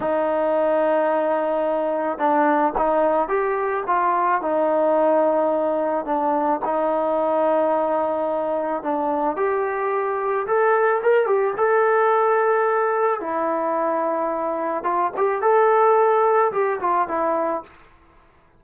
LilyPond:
\new Staff \with { instrumentName = "trombone" } { \time 4/4 \tempo 4 = 109 dis'1 | d'4 dis'4 g'4 f'4 | dis'2. d'4 | dis'1 |
d'4 g'2 a'4 | ais'8 g'8 a'2. | e'2. f'8 g'8 | a'2 g'8 f'8 e'4 | }